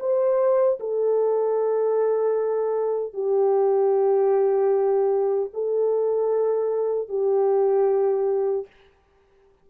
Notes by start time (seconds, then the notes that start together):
0.00 C5
0.80 A4
3.14 G4
5.54 A4
7.09 G4